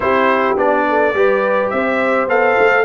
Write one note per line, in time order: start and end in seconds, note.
0.00 0.54 C4
0.00 0.56 E4
0.00 0.87 G4
0.00 0.57 C5
0.56 1.13 B3
0.56 1.14 D4
0.56 1.69 D5
0.88 1.16 A4
1.13 1.70 G3
1.13 2.28 G4
1.13 1.72 B4
1.69 2.27 C4
1.69 2.84 C5
1.69 2.27 E5
2.27 2.56 B3
2.27 2.84 A4
2.27 2.84 F5
2.58 2.84 A3